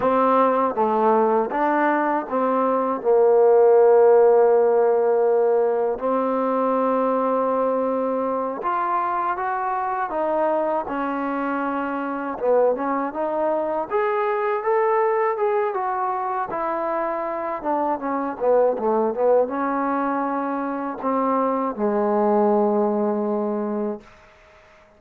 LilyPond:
\new Staff \with { instrumentName = "trombone" } { \time 4/4 \tempo 4 = 80 c'4 a4 d'4 c'4 | ais1 | c'2.~ c'8 f'8~ | f'8 fis'4 dis'4 cis'4.~ |
cis'8 b8 cis'8 dis'4 gis'4 a'8~ | a'8 gis'8 fis'4 e'4. d'8 | cis'8 b8 a8 b8 cis'2 | c'4 gis2. | }